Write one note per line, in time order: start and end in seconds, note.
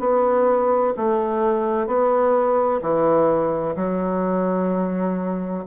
0.00 0.94 B3
0.97 1.87 A3
1.87 2.81 B3
2.82 3.75 E3
3.76 5.64 F#3